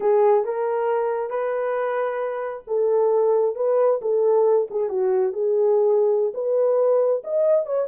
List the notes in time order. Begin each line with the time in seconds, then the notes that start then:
0.00 G#4
0.44 A#4
1.30 B4
2.67 A4
3.55 B4
4.01 A4
4.70 G#4
4.89 F#4
5.33 G#4
6.34 B4
7.23 D#5
7.65 C#5